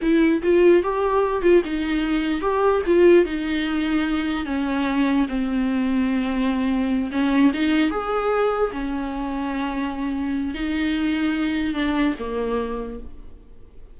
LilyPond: \new Staff \with { instrumentName = "viola" } { \time 4/4 \tempo 4 = 148 e'4 f'4 g'4. f'8 | dis'2 g'4 f'4 | dis'2. cis'4~ | cis'4 c'2.~ |
c'4. cis'4 dis'4 gis'8~ | gis'4. cis'2~ cis'8~ | cis'2 dis'2~ | dis'4 d'4 ais2 | }